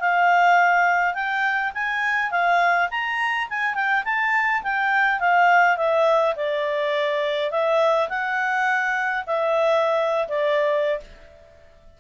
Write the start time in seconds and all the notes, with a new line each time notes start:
0.00 F5
1.14 G5
1.74 G#5
2.31 F5
2.90 A#5
3.49 G#5
3.74 G5
4.05 A5
4.63 G5
5.19 F5
5.77 E5
6.36 D5
7.51 E5
8.09 F#5
9.27 E5
10.28 D5